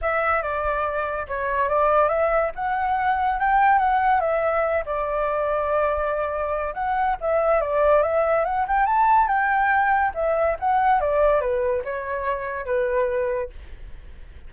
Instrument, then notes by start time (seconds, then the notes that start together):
flute
0.01 E5
0.42 D5
1.27 C#5
1.68 D5
2.08 E5
2.55 F#5
3.39 G5
3.78 F#5
4.20 E5
4.85 D5
6.74 F#5
7.20 E5
7.61 D5
8.02 E5
8.44 F#5
8.67 G5
8.85 A5
9.27 G5
10.14 E5
10.59 F#5
11.00 D5
11.40 B4
11.84 C#5
12.65 B4